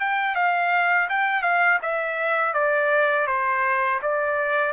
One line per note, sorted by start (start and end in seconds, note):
0.00 0.35 G5
0.35 1.08 F5
1.09 1.42 G5
1.42 1.79 F5
1.82 2.53 E5
2.53 3.27 D5
3.27 4.00 C5
4.02 4.73 D5